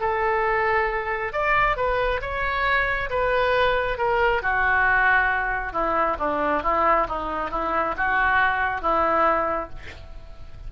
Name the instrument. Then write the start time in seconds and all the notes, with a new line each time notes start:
oboe
0.00 A4
1.32 D5
1.76 B4
2.21 C#5
3.10 B4
3.97 A#4
4.42 F#4
5.72 E4
6.18 D4
6.63 E4
7.08 D#4
7.50 E4
7.97 F#4
8.81 E4